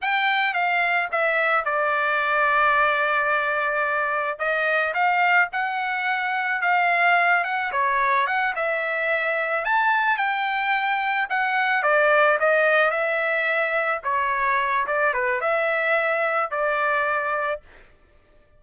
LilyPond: \new Staff \with { instrumentName = "trumpet" } { \time 4/4 \tempo 4 = 109 g''4 f''4 e''4 d''4~ | d''1 | dis''4 f''4 fis''2 | f''4. fis''8 cis''4 fis''8 e''8~ |
e''4. a''4 g''4.~ | g''8 fis''4 d''4 dis''4 e''8~ | e''4. cis''4. d''8 b'8 | e''2 d''2 | }